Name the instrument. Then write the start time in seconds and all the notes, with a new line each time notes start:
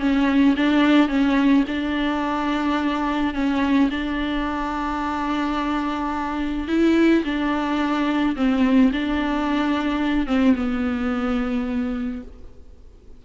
viola
0.00 C#4
0.57 D4
1.09 C#4
1.68 D4
3.34 C#4
3.91 D4
6.68 E4
7.24 D4
8.36 C4
8.93 D4
10.27 C4
10.56 B3